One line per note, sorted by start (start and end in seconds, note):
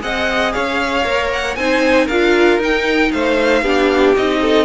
0.00 0.55 C4
0.00 1.03 G#4
0.00 0.54 D#5
0.00 0.53 F#5
0.53 1.06 C#4
0.53 1.57 C#5
0.53 1.30 F5
1.04 1.56 A#3
1.04 1.56 A#4
1.33 1.55 F#5
1.55 2.08 C4
1.55 2.11 D#4
1.55 2.06 C5
1.55 2.07 G#5
2.06 2.58 D4
2.06 2.61 F4
2.06 3.09 A#4
2.06 2.59 F5
2.58 3.10 D#4
2.58 3.64 D#4
2.58 3.12 G5
3.12 3.62 A3
3.12 3.62 C5
3.12 4.15 F5
3.62 4.13 B3
3.62 4.16 D4
3.62 4.40 G4
4.16 4.65 C4
4.16 4.65 D#4
4.16 4.65 D#5
4.41 4.65 A4